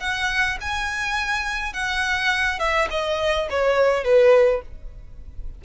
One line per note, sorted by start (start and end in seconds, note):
0.00 0.58 F#5
0.61 1.73 G#5
1.73 2.59 F#5
2.59 2.88 E5
2.90 3.48 D#5
3.50 4.04 C#5
4.04 4.61 B4